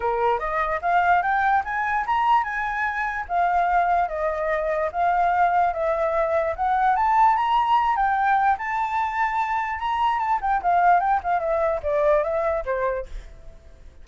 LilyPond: \new Staff \with { instrumentName = "flute" } { \time 4/4 \tempo 4 = 147 ais'4 dis''4 f''4 g''4 | gis''4 ais''4 gis''2 | f''2 dis''2 | f''2 e''2 |
fis''4 a''4 ais''4. g''8~ | g''4 a''2. | ais''4 a''8 g''8 f''4 g''8 f''8 | e''4 d''4 e''4 c''4 | }